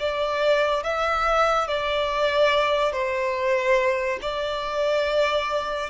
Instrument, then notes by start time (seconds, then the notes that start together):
violin
0.00 D5
0.83 E5
1.68 D5
2.93 C5
4.22 D5